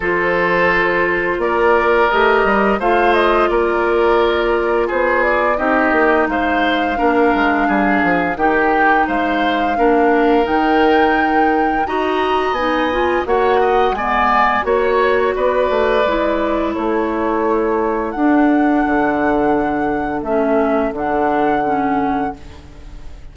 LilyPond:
<<
  \new Staff \with { instrumentName = "flute" } { \time 4/4 \tempo 4 = 86 c''2 d''4 dis''4 | f''8 dis''8 d''2 c''8 d''8 | dis''4 f''2. | g''4 f''2 g''4~ |
g''4 ais''4 gis''4 fis''4 | gis''4 cis''4 d''2 | cis''2 fis''2~ | fis''4 e''4 fis''2 | }
  \new Staff \with { instrumentName = "oboe" } { \time 4/4 a'2 ais'2 | c''4 ais'2 gis'4 | g'4 c''4 ais'4 gis'4 | g'4 c''4 ais'2~ |
ais'4 dis''2 cis''8 dis''8 | d''4 cis''4 b'2 | a'1~ | a'1 | }
  \new Staff \with { instrumentName = "clarinet" } { \time 4/4 f'2. g'4 | f'1 | dis'2 d'2 | dis'2 d'4 dis'4~ |
dis'4 fis'4 dis'8 f'8 fis'4 | b4 fis'2 e'4~ | e'2 d'2~ | d'4 cis'4 d'4 cis'4 | }
  \new Staff \with { instrumentName = "bassoon" } { \time 4/4 f2 ais4 a8 g8 | a4 ais2 b4 | c'8 ais8 gis4 ais8 gis8 g8 f8 | dis4 gis4 ais4 dis4~ |
dis4 dis'4 b4 ais4 | gis4 ais4 b8 a8 gis4 | a2 d'4 d4~ | d4 a4 d2 | }
>>